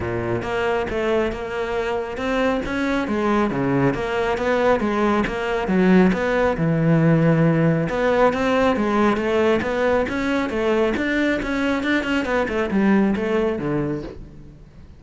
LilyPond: \new Staff \with { instrumentName = "cello" } { \time 4/4 \tempo 4 = 137 ais,4 ais4 a4 ais4~ | ais4 c'4 cis'4 gis4 | cis4 ais4 b4 gis4 | ais4 fis4 b4 e4~ |
e2 b4 c'4 | gis4 a4 b4 cis'4 | a4 d'4 cis'4 d'8 cis'8 | b8 a8 g4 a4 d4 | }